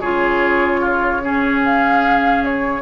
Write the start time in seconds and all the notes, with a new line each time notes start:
0.00 C#3 F4 G#4 C#5
0.81 F4
1.22 C#4 G#4
1.64 F5
2.44 C#5